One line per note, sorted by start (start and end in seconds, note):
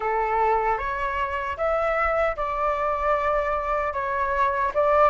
0.00 0.78 A4
0.78 1.56 C#5
1.57 2.36 E5
2.36 3.93 D5
3.93 4.72 C#5
4.74 5.09 D5